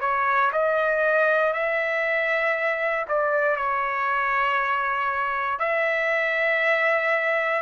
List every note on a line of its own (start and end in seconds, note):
0.00 0.51 C#5
0.52 1.53 D#5
1.53 3.06 E5
3.08 3.56 D5
3.56 5.59 C#5
5.59 7.62 E5